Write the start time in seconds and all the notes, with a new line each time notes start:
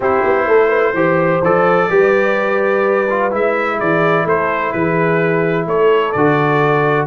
0.00 C4 E4 G4 C5
0.23 B3
0.47 A3 A4
0.68 B4
0.93 E3 G4 C5
1.42 F3 A4 D5
1.89 G3 G4 B4
3.10 F4
3.31 G#3 E4 E5
3.79 E3 G#4 D5
4.24 A3 A4 C5
4.72 E3 G#4 B4
5.66 A3 A4 C#5
6.11 D3 F#4 D5